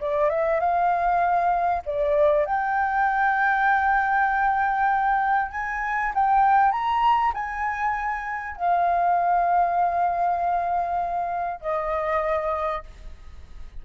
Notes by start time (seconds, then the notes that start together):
0.00 D5
0.29 E5
0.59 F5
1.85 D5
2.45 G5
5.51 G#5
6.14 G5
6.71 A#5
7.34 G#5
8.56 F5
11.60 D#5